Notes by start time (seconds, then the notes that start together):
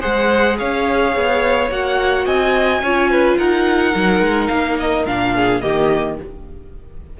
0.00 G#3 G#4 C5 F#5
0.58 C#4 C#5 F5
1.16 B3
1.70 A#3 F#4 F#5
2.25 C4 D#5 G#5
2.81 C#4 F4 C#5
3.10 B4
3.37 D#4 A#4 F#5
3.93 F#3 D#4
4.20 G#3
4.47 A#3 F5
4.79 D#5
5.05 A#2 D4 F5
5.34 G#4
5.61 D#3 A#3 G4 D#5